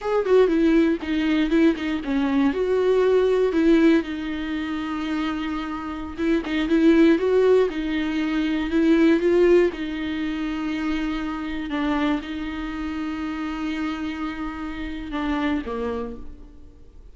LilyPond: \new Staff \with { instrumentName = "viola" } { \time 4/4 \tempo 4 = 119 gis'8 fis'8 e'4 dis'4 e'8 dis'8 | cis'4 fis'2 e'4 | dis'1~ | dis'16 e'8 dis'8 e'4 fis'4 dis'8.~ |
dis'4~ dis'16 e'4 f'4 dis'8.~ | dis'2.~ dis'16 d'8.~ | d'16 dis'2.~ dis'8.~ | dis'2 d'4 ais4 | }